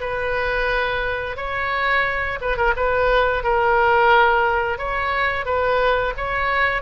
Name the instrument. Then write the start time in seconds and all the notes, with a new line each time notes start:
oboe
0.00 B4
1.36 C#5
2.41 B4
2.56 A#4
2.76 B4
3.43 A#4
4.78 C#5
5.45 B4
6.16 C#5